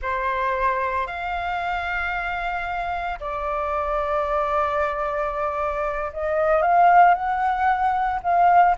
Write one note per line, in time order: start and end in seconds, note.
0.01 1.06 C5
1.06 3.19 F5
3.20 6.12 D5
6.12 6.62 D#5
6.62 7.14 F5
7.14 8.20 F#5
8.22 8.75 F5